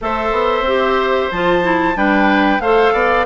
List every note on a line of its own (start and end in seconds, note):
0.01 0.31 A3
0.01 0.66 A4
0.01 1.97 C5
0.01 1.31 E5
0.31 0.61 B3
0.61 1.26 C4
0.61 1.32 G4
1.31 1.96 F3
1.31 1.62 F4
1.31 1.97 A5
1.62 1.95 E4
1.95 2.59 G3
1.95 2.60 D4
1.95 2.61 B4
1.95 2.60 G5
2.59 2.92 A3
2.59 3.26 A4
2.59 2.93 C5
2.59 3.26 F5
2.93 3.25 B3
2.93 3.26 D5